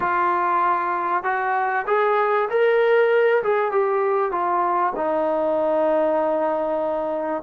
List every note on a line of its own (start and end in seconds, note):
0.00 1.23 F4
1.23 1.85 F#4
1.87 2.49 G#4
2.49 3.42 A#4
3.43 3.71 G#4
3.71 4.31 G4
4.31 4.93 F4
4.96 7.43 D#4